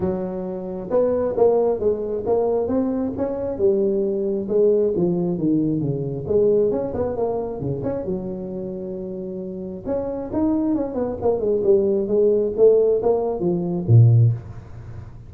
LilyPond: \new Staff \with { instrumentName = "tuba" } { \time 4/4 \tempo 4 = 134 fis2 b4 ais4 | gis4 ais4 c'4 cis'4 | g2 gis4 f4 | dis4 cis4 gis4 cis'8 b8 |
ais4 cis8 cis'8 fis2~ | fis2 cis'4 dis'4 | cis'8 b8 ais8 gis8 g4 gis4 | a4 ais4 f4 ais,4 | }